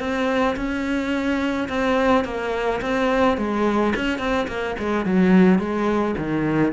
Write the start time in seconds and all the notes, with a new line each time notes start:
0.00 C4
0.56 C#4
1.69 C4
2.25 A#3
2.82 C4
3.38 G#3
3.96 C#4
4.19 C4
4.48 A#3
4.79 G#3
5.06 F#3
5.59 G#3
6.18 D#3